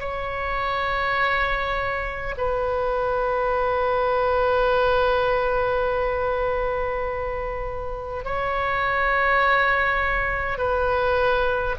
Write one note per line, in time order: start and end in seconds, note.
0.00 2.35 C#5
2.38 8.25 B4
8.25 10.58 C#5
10.58 11.76 B4